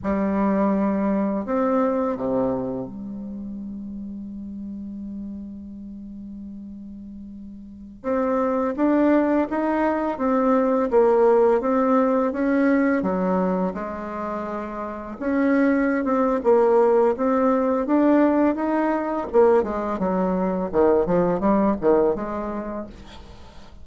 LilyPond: \new Staff \with { instrumentName = "bassoon" } { \time 4/4 \tempo 4 = 84 g2 c'4 c4 | g1~ | g2.~ g16 c'8.~ | c'16 d'4 dis'4 c'4 ais8.~ |
ais16 c'4 cis'4 fis4 gis8.~ | gis4~ gis16 cis'4~ cis'16 c'8 ais4 | c'4 d'4 dis'4 ais8 gis8 | fis4 dis8 f8 g8 dis8 gis4 | }